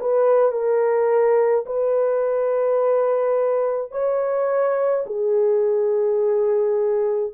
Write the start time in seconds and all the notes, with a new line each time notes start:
0.00 B4
0.51 A#4
1.66 B4
3.92 C#5
5.06 G#4